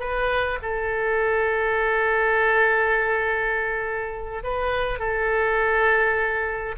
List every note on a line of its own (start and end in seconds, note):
0.00 0.59 B4
0.62 4.44 A4
4.44 4.99 B4
4.99 6.75 A4